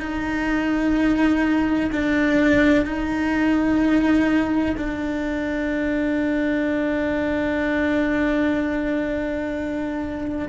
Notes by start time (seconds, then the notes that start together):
0.00 D#4
1.92 D4
2.85 D#4
4.77 D4